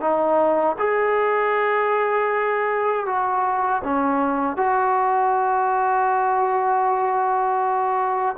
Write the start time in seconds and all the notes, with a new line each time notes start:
0.00 D#4
0.78 G#4
3.06 F#4
3.84 C#4
4.56 F#4